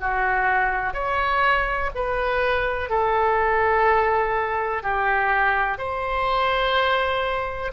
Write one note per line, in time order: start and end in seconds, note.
0.00 0.94 F#4
0.94 1.90 C#5
1.95 2.90 B4
2.90 4.83 A4
4.83 5.78 G4
5.78 7.72 C5